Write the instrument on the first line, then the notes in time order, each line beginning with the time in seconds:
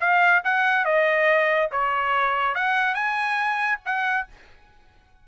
trumpet
0.00 F5
0.44 F#5
0.85 D#5
1.72 C#5
2.55 F#5
2.95 G#5
3.85 F#5